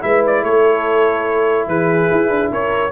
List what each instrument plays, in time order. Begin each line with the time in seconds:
0.00 tuba G#3, trombone E4, horn B4, trumpet E5
0.27 trumpet D5
0.43 tuba A3, horn A4, trumpet C#5
1.67 tuba E3, horn G#4, trumpet B4
2.12 tuba E4
2.30 tuba D4
2.52 tuba C#4, horn A#4, trumpet C#5